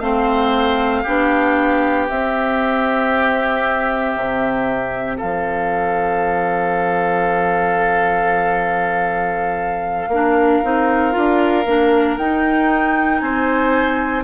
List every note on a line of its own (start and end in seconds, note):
0.00 1.04 A3
0.00 1.06 C4
0.00 1.03 C5
0.00 2.07 F5
1.03 2.10 B3
1.03 2.09 D4
1.03 5.17 G4
2.08 10.10 C4
2.08 4.16 C4
2.08 5.19 E5
4.16 5.19 C3
5.18 10.08 F3
5.18 10.09 A4
5.18 12.17 F5
10.08 10.60 A#3
10.08 10.63 D4
10.08 13.21 A#4
10.63 11.16 C4
10.63 11.12 D#4
11.12 11.66 D4
11.12 11.63 F4
11.66 12.17 A#3
11.66 12.19 D4
12.17 13.21 D#4
12.17 14.24 D#4
12.17 13.19 G5
13.19 14.24 C4
13.19 14.24 C5
13.19 14.22 G#5